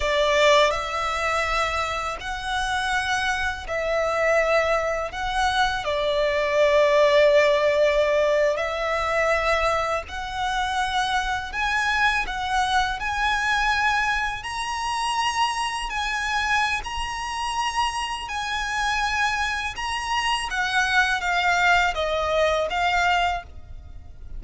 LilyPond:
\new Staff \with { instrumentName = "violin" } { \time 4/4 \tempo 4 = 82 d''4 e''2 fis''4~ | fis''4 e''2 fis''4 | d''2.~ d''8. e''16~ | e''4.~ e''16 fis''2 gis''16~ |
gis''8. fis''4 gis''2 ais''16~ | ais''4.~ ais''16 gis''4~ gis''16 ais''4~ | ais''4 gis''2 ais''4 | fis''4 f''4 dis''4 f''4 | }